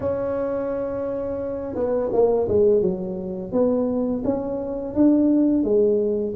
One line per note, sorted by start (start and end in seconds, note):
0.00 1.75 C#4
1.75 2.10 B3
2.12 2.47 A#3
2.48 2.81 G#3
2.81 3.52 F#3
3.52 4.22 B3
4.24 4.94 C#4
4.94 5.63 D4
5.63 6.34 G#3